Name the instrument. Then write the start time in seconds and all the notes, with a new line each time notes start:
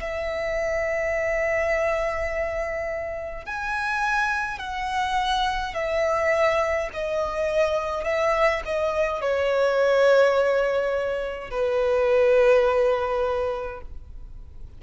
violin
0.00 E5
3.45 G#5
4.59 F#5
5.74 E5
6.93 D#5
8.05 E5
8.65 D#5
9.21 C#5
11.50 B4